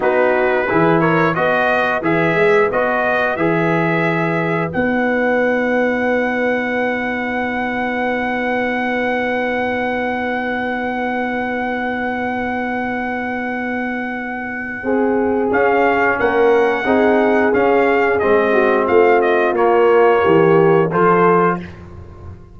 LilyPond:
<<
  \new Staff \with { instrumentName = "trumpet" } { \time 4/4 \tempo 4 = 89 b'4. cis''8 dis''4 e''4 | dis''4 e''2 fis''4~ | fis''1~ | fis''1~ |
fis''1~ | fis''2. f''4 | fis''2 f''4 dis''4 | f''8 dis''8 cis''2 c''4 | }
  \new Staff \with { instrumentName = "horn" } { \time 4/4 fis'4 gis'8 ais'8 b'2~ | b'1~ | b'1~ | b'1~ |
b'1~ | b'2 gis'2 | ais'4 gis'2~ gis'8 fis'8 | f'2 g'4 a'4 | }
  \new Staff \with { instrumentName = "trombone" } { \time 4/4 dis'4 e'4 fis'4 gis'4 | fis'4 gis'2 dis'4~ | dis'1~ | dis'1~ |
dis'1~ | dis'2. cis'4~ | cis'4 dis'4 cis'4 c'4~ | c'4 ais2 f'4 | }
  \new Staff \with { instrumentName = "tuba" } { \time 4/4 b4 e4 b4 e8 gis8 | b4 e2 b4~ | b1~ | b1~ |
b1~ | b2 c'4 cis'4 | ais4 c'4 cis'4 gis4 | a4 ais4 e4 f4 | }
>>